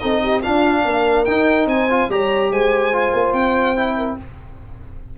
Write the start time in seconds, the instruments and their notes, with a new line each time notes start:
0.00 tuba C4, trombone D#4, horn A4, violin D#5
0.23 horn G4
0.42 trombone D4, tuba D4, horn F4, violin F5
0.85 tuba A#3, horn A#4
1.25 tuba D#4, trombone D#4, violin G5
1.66 tuba C4, horn C5, violin G#5
1.90 trombone F4
2.09 tuba G3, trombone G4, horn C#5, violin A#5
2.51 tuba G#3, horn C5, violin G#5
2.93 trombone F4
3.14 tuba A#3
3.33 tuba C4, violin G5
3.76 trombone E4
3.97 horn A#4